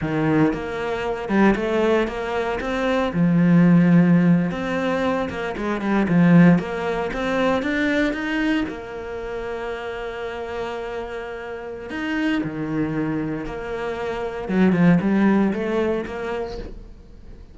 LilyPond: \new Staff \with { instrumentName = "cello" } { \time 4/4 \tempo 4 = 116 dis4 ais4. g8 a4 | ais4 c'4 f2~ | f8. c'4. ais8 gis8 g8 f16~ | f8. ais4 c'4 d'4 dis'16~ |
dis'8. ais2.~ ais16~ | ais2. dis'4 | dis2 ais2 | fis8 f8 g4 a4 ais4 | }